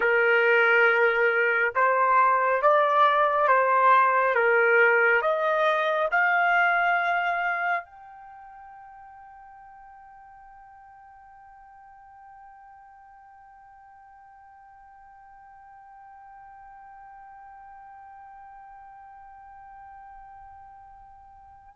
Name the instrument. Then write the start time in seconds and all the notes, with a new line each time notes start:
trumpet
0.00 A#4
1.75 C5
2.62 D5
3.47 C5
4.34 A#4
5.21 D#5
6.11 F5
7.85 G5